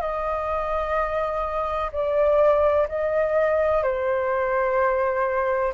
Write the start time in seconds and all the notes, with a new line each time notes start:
0.00 D#5
1.92 D5
2.88 D#5
3.83 C5